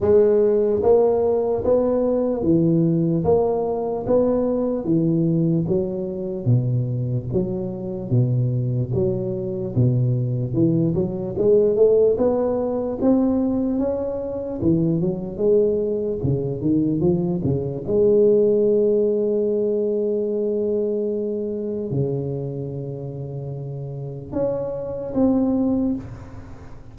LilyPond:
\new Staff \with { instrumentName = "tuba" } { \time 4/4 \tempo 4 = 74 gis4 ais4 b4 e4 | ais4 b4 e4 fis4 | b,4 fis4 b,4 fis4 | b,4 e8 fis8 gis8 a8 b4 |
c'4 cis'4 e8 fis8 gis4 | cis8 dis8 f8 cis8 gis2~ | gis2. cis4~ | cis2 cis'4 c'4 | }